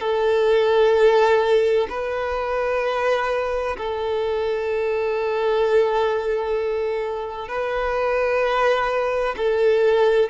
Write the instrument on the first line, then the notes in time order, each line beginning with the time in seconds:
violin
0.00 A4
1.89 B4
3.78 A4
7.48 B4
9.37 A4